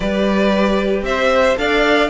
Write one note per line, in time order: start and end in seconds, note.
0.00 1.02 G3
0.00 1.56 G4
0.00 1.04 B4
0.00 1.04 D5
1.02 1.54 C4
1.02 1.59 C5
1.02 1.57 E5
1.56 2.09 D4
1.56 2.09 A4
1.56 2.09 D5
1.56 2.09 F5